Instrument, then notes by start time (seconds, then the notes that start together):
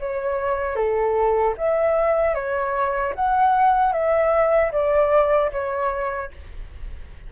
flute
0.00 C#5
0.76 A4
1.58 E5
2.35 C#5
3.15 F#5
3.93 E5
4.72 D5
5.52 C#5